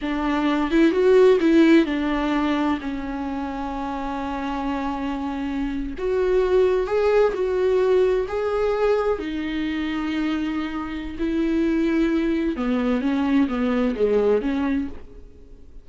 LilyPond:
\new Staff \with { instrumentName = "viola" } { \time 4/4 \tempo 4 = 129 d'4. e'8 fis'4 e'4 | d'2 cis'2~ | cis'1~ | cis'8. fis'2 gis'4 fis'16~ |
fis'4.~ fis'16 gis'2 dis'16~ | dis'1 | e'2. b4 | cis'4 b4 gis4 cis'4 | }